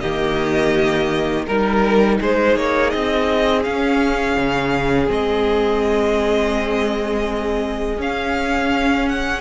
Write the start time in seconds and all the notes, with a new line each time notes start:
0.00 D#3 A#3 G4 D#5
1.46 G3 D#4 A#4
2.20 G#3 G#4 C5
2.56 A#3 C#5
2.90 C4 D#5
3.63 C#4 F5
4.37 C#3
5.07 G#3 C4 D#5
7.97 C#4 F5
9.08 F#5